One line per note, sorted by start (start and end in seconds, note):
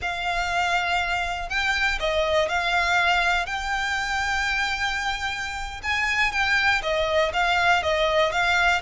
0.01 1.49 F5
1.49 1.98 G5
1.99 2.48 D#5
2.48 3.46 F5
3.46 5.81 G5
5.82 6.32 G#5
6.32 6.81 G5
6.82 7.31 D#5
7.33 7.82 F5
7.82 8.31 D#5
8.31 8.81 F5